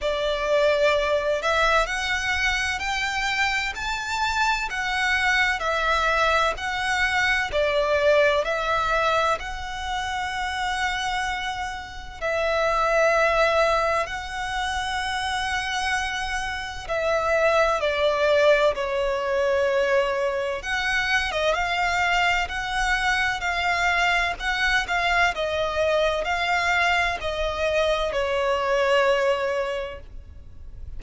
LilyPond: \new Staff \with { instrumentName = "violin" } { \time 4/4 \tempo 4 = 64 d''4. e''8 fis''4 g''4 | a''4 fis''4 e''4 fis''4 | d''4 e''4 fis''2~ | fis''4 e''2 fis''4~ |
fis''2 e''4 d''4 | cis''2 fis''8. dis''16 f''4 | fis''4 f''4 fis''8 f''8 dis''4 | f''4 dis''4 cis''2 | }